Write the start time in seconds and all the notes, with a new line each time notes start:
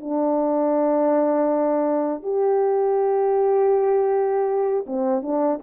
0.00 D4
2.22 G4
4.86 C4
5.22 D4